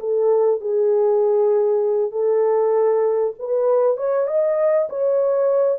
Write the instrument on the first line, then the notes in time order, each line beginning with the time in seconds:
horn
0.00 A4
0.61 G#4
2.12 A4
3.39 B4
3.97 C#5
4.27 D#5
4.90 C#5